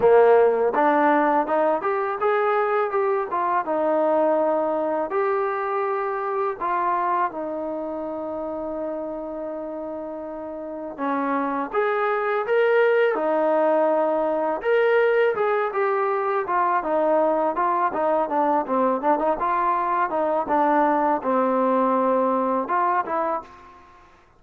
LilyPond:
\new Staff \with { instrumentName = "trombone" } { \time 4/4 \tempo 4 = 82 ais4 d'4 dis'8 g'8 gis'4 | g'8 f'8 dis'2 g'4~ | g'4 f'4 dis'2~ | dis'2. cis'4 |
gis'4 ais'4 dis'2 | ais'4 gis'8 g'4 f'8 dis'4 | f'8 dis'8 d'8 c'8 d'16 dis'16 f'4 dis'8 | d'4 c'2 f'8 e'8 | }